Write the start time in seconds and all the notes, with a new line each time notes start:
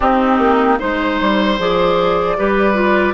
0.00 C4 D#4 G4
0.38 A#3
0.78 G#3 D#4 C5
1.20 G3
1.59 F3 G#4 D5
2.37 G3 G4 B4
2.74 F4